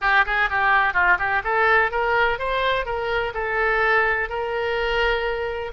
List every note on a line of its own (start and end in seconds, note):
0.01 0.25 G4
0.25 0.49 G#4
0.49 0.93 G4
0.93 1.17 F4
1.18 1.42 G4
1.44 1.91 A4
1.91 2.39 A#4
2.39 2.85 C5
2.85 3.33 A#4
3.34 4.29 A4
4.29 5.72 A#4